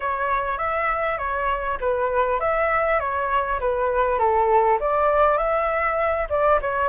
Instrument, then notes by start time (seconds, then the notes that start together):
flute
0.00 C#5
0.58 E5
1.18 C#5
1.80 B4
2.40 E5
2.99 C#5
3.59 B4
4.18 A4
4.79 D5
5.37 E5
6.29 D5
6.61 C#5